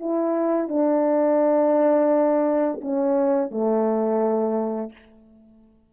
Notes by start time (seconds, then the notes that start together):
0.00 E4
0.68 D4
2.81 C#4
3.51 A3